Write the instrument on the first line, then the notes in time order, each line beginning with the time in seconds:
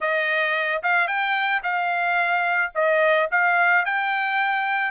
trumpet
0.00 D#5
0.82 F5
1.07 G5
1.63 F5
2.74 D#5
3.31 F5
3.85 G5